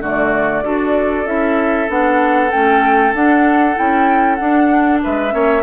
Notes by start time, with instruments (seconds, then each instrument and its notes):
0.00 bassoon D3, clarinet A3, oboe F#4, flute D5
0.63 bassoon D4, clarinet F#4, oboe A4
1.25 bassoon C#4, clarinet E4, flute E5
1.88 bassoon B3, clarinet D4, flute F#5
2.51 bassoon A3, clarinet C#4, flute G5
3.13 bassoon D4, clarinet D4, flute F#5
3.75 bassoon C#4, clarinet E4, flute G5
4.35 clarinet D4, bassoon D4, flute F#5
5.02 bassoon G#3, oboe B4, flute E5
5.30 bassoon A#3, clarinet C#4, oboe C#5